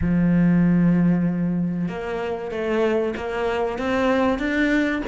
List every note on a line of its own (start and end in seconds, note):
0.01 1.88 F3
1.88 2.51 A#3
2.51 3.14 A3
3.16 3.78 A#3
3.78 4.38 C4
4.38 5.02 D4